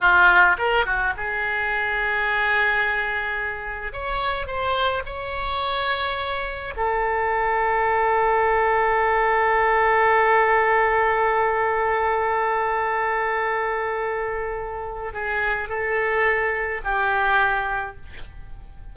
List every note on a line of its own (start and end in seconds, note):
0.00 0.56 F4
0.58 0.85 A#4
0.85 1.13 F#4
1.16 3.92 G#4
3.92 4.47 C#5
4.47 5.03 C5
5.05 6.73 C#5
6.76 15.13 A4
15.13 15.69 G#4
15.69 16.81 A4
16.84 17.96 G4